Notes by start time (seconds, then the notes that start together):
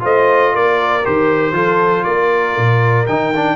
0.00 A3 F4 C5 D#5
0.54 A#3 A#4 D5
1.05 D#3 G4 C5
1.53 F3 F4 A4
2.04 A#3 A#4 D5
2.58 A#2
3.07 D#3 D#4 G5
3.36 D4